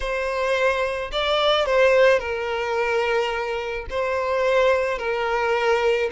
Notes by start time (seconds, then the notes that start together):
0.00 C5
1.12 D5
1.66 C5
2.19 A#4
3.90 C5
4.98 A#4